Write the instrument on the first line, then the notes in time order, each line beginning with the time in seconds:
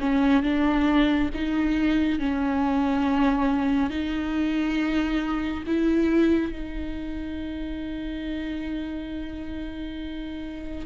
viola
0.00 C#4
0.43 D4
1.34 D#4
2.19 C#4
3.90 D#4
5.66 E4
6.52 D#4